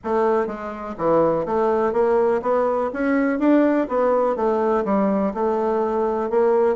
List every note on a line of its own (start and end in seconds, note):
0.04 0.47 A3
0.47 0.95 G#3
0.97 1.45 E3
1.45 1.92 A3
1.92 2.41 A#3
2.41 2.90 B3
2.93 3.39 C#4
3.39 3.87 D4
3.88 4.35 B3
4.35 4.84 A3
4.85 5.33 G3
5.34 6.29 A3
6.29 6.75 A#3